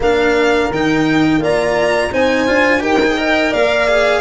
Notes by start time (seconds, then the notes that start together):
0.00 A#3 D4 A#4 F5
0.70 D#3 D#4 G5
1.37 A#3 F4 D5 A#5
2.11 C4 D#4 C5 G#5
2.47 D4 F4
2.79 D#4 G4 A#4 G5
3.04 G#4
3.17 A#4 D#5
3.51 A#3 D5 F5
3.87 G#4